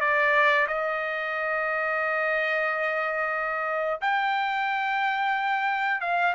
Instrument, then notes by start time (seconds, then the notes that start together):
trumpet
0.00 D5
0.67 D#5
4.01 G5
6.00 F5